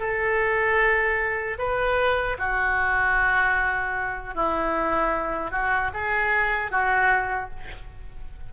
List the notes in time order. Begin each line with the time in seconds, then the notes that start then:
0.00 A4
1.59 B4
2.39 F#4
4.35 E4
5.52 F#4
5.94 G#4
6.71 F#4